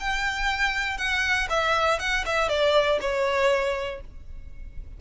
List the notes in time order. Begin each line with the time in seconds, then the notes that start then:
0.00 G5
0.98 F#5
1.50 E5
2.00 F#5
2.26 E5
2.49 D5
3.01 C#5